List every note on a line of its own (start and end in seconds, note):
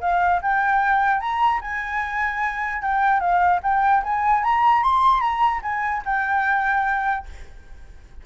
0.00 0.40 F5
0.42 1.20 G5
1.20 1.60 A#5
1.61 2.82 G#5
2.82 3.20 G5
3.20 3.60 F5
3.62 4.02 G5
4.03 4.43 G#5
4.43 4.83 A#5
4.83 5.20 C6
5.20 5.61 A#5
5.62 6.02 G#5
6.05 7.26 G5